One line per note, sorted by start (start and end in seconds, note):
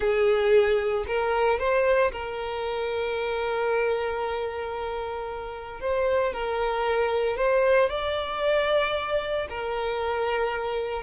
0.00 1.05 G#4
1.07 1.59 A#4
1.59 2.11 C5
2.11 5.80 A#4
5.80 6.33 C5
6.33 7.37 A#4
7.37 7.89 C5
7.89 9.47 D5
9.49 11.02 A#4